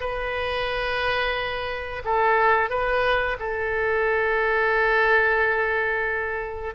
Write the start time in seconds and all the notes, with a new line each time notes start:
0.00 B4
2.04 A4
2.69 B4
3.39 A4